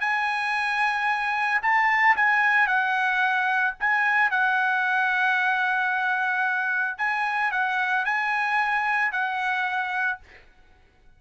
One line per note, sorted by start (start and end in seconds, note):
0.00 1.61 G#5
1.62 2.15 A5
2.16 2.67 G#5
2.67 3.74 F#5
3.79 4.30 G#5
4.30 6.98 F#5
6.98 7.51 G#5
7.51 8.05 F#5
8.05 9.11 G#5
9.11 10.19 F#5